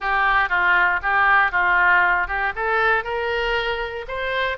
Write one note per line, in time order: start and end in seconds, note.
0.00 0.49 G4
0.49 1.00 F4
1.02 1.51 G4
1.51 2.27 F4
2.27 2.52 G4
2.55 3.04 A4
3.04 4.05 A#4
4.07 4.57 C5